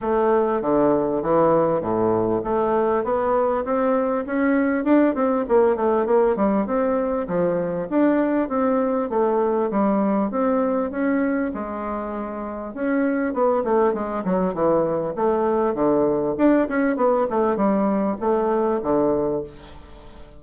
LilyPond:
\new Staff \with { instrumentName = "bassoon" } { \time 4/4 \tempo 4 = 99 a4 d4 e4 a,4 | a4 b4 c'4 cis'4 | d'8 c'8 ais8 a8 ais8 g8 c'4 | f4 d'4 c'4 a4 |
g4 c'4 cis'4 gis4~ | gis4 cis'4 b8 a8 gis8 fis8 | e4 a4 d4 d'8 cis'8 | b8 a8 g4 a4 d4 | }